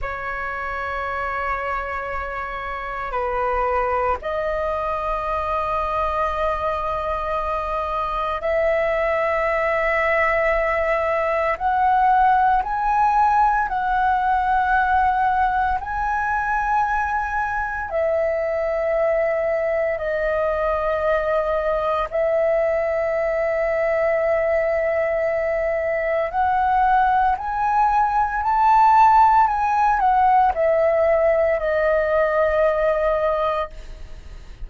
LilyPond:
\new Staff \with { instrumentName = "flute" } { \time 4/4 \tempo 4 = 57 cis''2. b'4 | dis''1 | e''2. fis''4 | gis''4 fis''2 gis''4~ |
gis''4 e''2 dis''4~ | dis''4 e''2.~ | e''4 fis''4 gis''4 a''4 | gis''8 fis''8 e''4 dis''2 | }